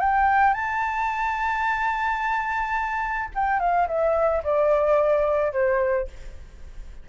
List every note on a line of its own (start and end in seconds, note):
0.00 0.54 G5
0.54 3.29 A5
3.35 3.60 G5
3.60 3.87 F5
3.88 4.43 E5
4.44 5.52 D5
5.52 6.08 C5